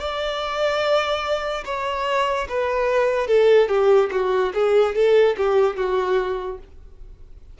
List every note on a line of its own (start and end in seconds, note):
0.00 1.64 D5
1.66 2.48 C#5
2.49 3.27 B4
3.27 3.68 A4
3.69 4.10 G4
4.12 4.53 F#4
4.54 4.95 G#4
4.95 5.36 A4
5.37 5.76 G4
5.76 6.59 F#4